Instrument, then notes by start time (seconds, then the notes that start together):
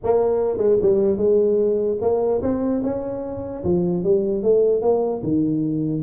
tuba
0.03 A#3
0.57 G#3
0.82 G3
1.17 G#3
2.01 A#3
2.42 C4
2.83 C#4
3.64 F3
4.03 G3
4.42 A3
4.81 A#3
5.23 D#3